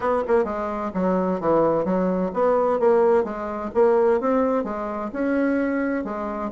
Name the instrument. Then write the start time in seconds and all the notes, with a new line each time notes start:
bassoon
0.00 B3
0.27 A#3
0.44 G#3
0.93 F#3
1.40 E3
1.84 F#3
2.33 B3
2.79 A#3
3.23 G#3
3.74 A#3
4.20 C4
4.64 G#3
5.12 C#4
6.04 G#3